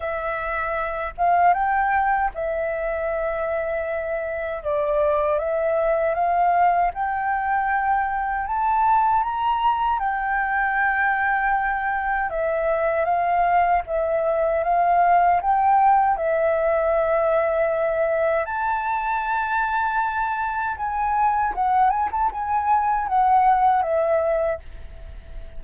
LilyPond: \new Staff \with { instrumentName = "flute" } { \time 4/4 \tempo 4 = 78 e''4. f''8 g''4 e''4~ | e''2 d''4 e''4 | f''4 g''2 a''4 | ais''4 g''2. |
e''4 f''4 e''4 f''4 | g''4 e''2. | a''2. gis''4 | fis''8 gis''16 a''16 gis''4 fis''4 e''4 | }